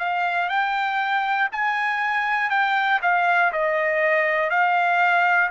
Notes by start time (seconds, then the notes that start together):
0.00 F5
0.49 G5
1.52 G#5
2.50 G5
3.02 F5
3.53 D#5
4.51 F5